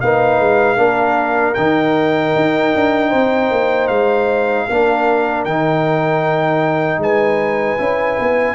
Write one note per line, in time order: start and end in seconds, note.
0.00 0.38 A#3
0.00 0.76 D#4
0.00 0.76 B4
0.00 1.54 F5
0.38 0.77 G#3
0.76 1.55 A#3
0.76 1.54 D4
0.76 3.08 A#4
1.54 2.35 D#3
1.54 4.69 D#4
1.54 3.87 G5
2.35 2.74 D#4
2.75 3.12 D4
3.08 3.50 C4
3.08 4.64 C5
3.50 3.89 A#3
3.87 4.67 G#3
3.87 5.43 F5
4.66 5.45 A#3
4.66 5.48 D4
4.66 7.00 A#4
5.44 6.98 D#3
5.44 7.78 D#4
5.44 7.00 G5
6.98 7.76 G#3
6.98 8.55 B4
6.98 8.55 G#5
7.78 8.18 C#4
7.78 8.55 E4
8.19 8.55 B3